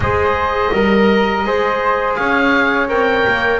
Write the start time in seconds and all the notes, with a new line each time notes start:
0.00 G#3 G#4 C5 D#5
0.72 G3 A#4
1.44 G#3 G#4 C5
2.15 C#4 C#5 F5
2.88 C4 A#4 G5
3.27 A#3